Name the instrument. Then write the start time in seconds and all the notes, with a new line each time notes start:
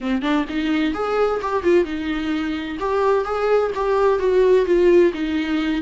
viola
0.01 C4
0.22 D4
0.49 D#4
0.93 G#4
1.41 G4
1.63 F4
1.84 D#4
2.79 G4
3.24 G#4
3.74 G4
4.19 F#4
4.65 F4
5.13 D#4